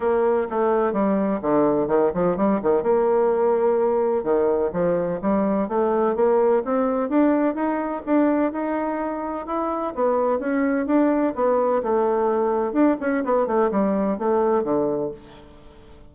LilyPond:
\new Staff \with { instrumentName = "bassoon" } { \time 4/4 \tempo 4 = 127 ais4 a4 g4 d4 | dis8 f8 g8 dis8 ais2~ | ais4 dis4 f4 g4 | a4 ais4 c'4 d'4 |
dis'4 d'4 dis'2 | e'4 b4 cis'4 d'4 | b4 a2 d'8 cis'8 | b8 a8 g4 a4 d4 | }